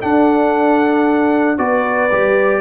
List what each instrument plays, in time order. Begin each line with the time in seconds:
0.00 trombone D4, tuba D4, horn A4, trumpet F#5
1.57 tuba B3, trombone F#4, horn B4, trumpet D5
2.11 tuba G3, trombone G4